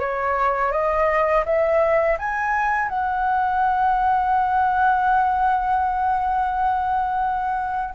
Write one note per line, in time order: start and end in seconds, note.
0.00 0.72 C#5
0.72 1.45 D#5
1.46 2.18 E5
2.19 2.89 G#5
2.89 7.95 F#5